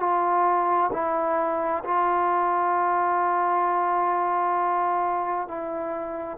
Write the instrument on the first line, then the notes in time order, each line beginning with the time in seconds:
trombone
0.00 F4
0.93 E4
1.84 F4
5.48 E4